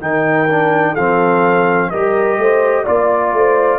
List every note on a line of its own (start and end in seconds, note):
0.00 0.96 D#3
0.00 0.48 D#4
0.00 0.93 A#4
0.00 0.95 G5
0.49 0.96 D4
0.93 1.92 F3
0.93 1.92 C4
0.93 1.88 A4
0.93 1.90 F5
1.90 2.37 G3
1.90 2.85 G4
1.90 2.39 A#4
1.90 2.85 D#5
2.37 2.85 A3
2.37 2.83 C5
2.83 3.33 A#3
2.83 3.78 F4
2.83 3.31 D5
2.83 3.78 D5
3.33 3.78 A3
3.33 3.78 C5